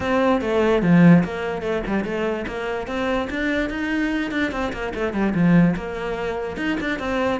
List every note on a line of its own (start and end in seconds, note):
0.00 0.41 C4
0.41 0.82 A3
0.82 1.23 F3
1.24 1.62 A#3
1.62 1.82 A3
1.87 2.04 G3
2.04 2.45 A3
2.47 2.87 A#3
2.87 3.28 C4
3.30 3.69 D4
3.69 4.31 D#4
4.31 4.51 D4
4.51 4.72 C4
4.72 4.93 A#3
4.94 5.13 A3
5.13 5.33 G3
5.34 5.75 F3
5.76 6.57 A#3
6.57 6.77 D#4
6.80 6.99 D4
6.99 7.40 C4